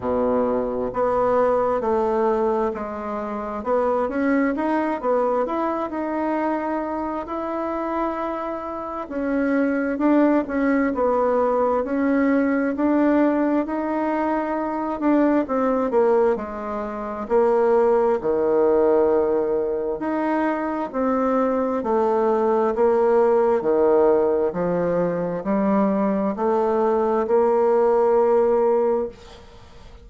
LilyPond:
\new Staff \with { instrumentName = "bassoon" } { \time 4/4 \tempo 4 = 66 b,4 b4 a4 gis4 | b8 cis'8 dis'8 b8 e'8 dis'4. | e'2 cis'4 d'8 cis'8 | b4 cis'4 d'4 dis'4~ |
dis'8 d'8 c'8 ais8 gis4 ais4 | dis2 dis'4 c'4 | a4 ais4 dis4 f4 | g4 a4 ais2 | }